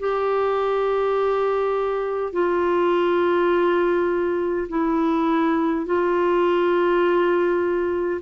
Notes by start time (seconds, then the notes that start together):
0.00 G4
2.33 F4
4.69 E4
5.86 F4